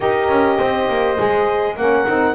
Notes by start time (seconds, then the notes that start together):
0.00 D#4 G4 A#4 D#5
0.28 C#4
0.58 C4 C5
0.88 A#3
1.16 G#3 G#4
1.76 A#3 C#4 A#4 F#5
2.07 C4 D#4